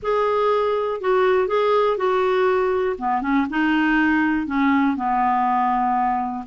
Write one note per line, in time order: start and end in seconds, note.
0.02 1.01 G#4
1.01 1.47 F#4
1.47 1.97 G#4
1.97 2.96 F#4
2.98 3.21 B3
3.21 3.46 C#4
3.50 4.47 D#4
4.47 4.96 C#4
4.96 6.45 B3